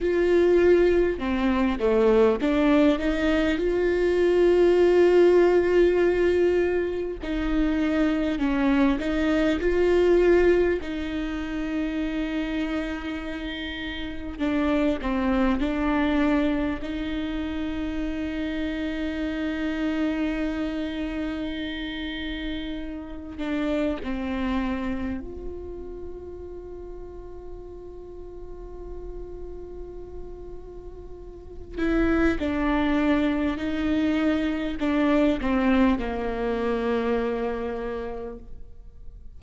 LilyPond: \new Staff \with { instrumentName = "viola" } { \time 4/4 \tempo 4 = 50 f'4 c'8 a8 d'8 dis'8 f'4~ | f'2 dis'4 cis'8 dis'8 | f'4 dis'2. | d'8 c'8 d'4 dis'2~ |
dis'2.~ dis'8 d'8 | c'4 f'2.~ | f'2~ f'8 e'8 d'4 | dis'4 d'8 c'8 ais2 | }